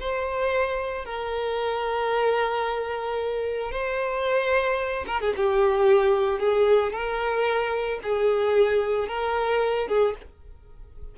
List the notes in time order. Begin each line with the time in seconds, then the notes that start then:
0.00 C5
1.05 A#4
3.71 C5
5.07 A#4
5.20 G#4
5.36 G4
6.39 G#4
6.92 A#4
8.03 G#4
9.08 A#4
9.87 G#4